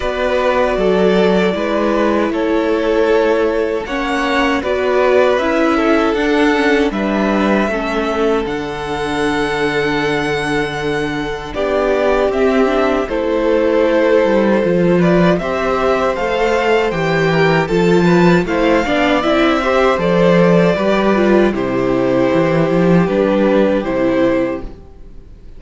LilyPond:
<<
  \new Staff \with { instrumentName = "violin" } { \time 4/4 \tempo 4 = 78 d''2. cis''4~ | cis''4 fis''4 d''4 e''4 | fis''4 e''2 fis''4~ | fis''2. d''4 |
e''4 c''2~ c''8 d''8 | e''4 f''4 g''4 a''4 | f''4 e''4 d''2 | c''2 b'4 c''4 | }
  \new Staff \with { instrumentName = "violin" } { \time 4/4 b'4 a'4 b'4 a'4~ | a'4 cis''4 b'4. a'8~ | a'4 b'4 a'2~ | a'2. g'4~ |
g'4 a'2~ a'8 b'8 | c''2~ c''8 ais'8 a'8 b'8 | c''8 d''4 c''4. b'4 | g'1 | }
  \new Staff \with { instrumentName = "viola" } { \time 4/4 fis'2 e'2~ | e'4 cis'4 fis'4 e'4 | d'8 cis'8 d'4 cis'4 d'4~ | d'1 |
c'8 d'8 e'2 f'4 | g'4 a'4 g'4 f'4 | e'8 d'8 e'8 g'8 a'4 g'8 f'8 | e'2 d'4 e'4 | }
  \new Staff \with { instrumentName = "cello" } { \time 4/4 b4 fis4 gis4 a4~ | a4 ais4 b4 cis'4 | d'4 g4 a4 d4~ | d2. b4 |
c'4 a4. g8 f4 | c'4 a4 e4 f4 | a8 b8 c'4 f4 g4 | c4 e8 f8 g4 c4 | }
>>